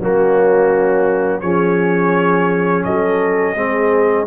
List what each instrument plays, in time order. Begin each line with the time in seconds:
0.00 tuba F#3, trombone A#3, horn C#4, trumpet F#4
1.41 tuba F3, trombone C#4, horn G#4, trumpet C#5
2.84 tuba F#3, horn A4, trumpet D#5
3.55 tuba G#3, trombone C4, horn G#4